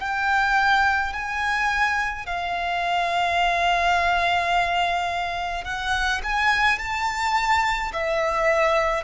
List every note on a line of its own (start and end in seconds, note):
0.00 1.13 G5
1.13 2.26 G#5
2.27 5.65 F5
5.65 6.22 F#5
6.24 6.79 G#5
6.79 7.92 A5
7.93 9.05 E5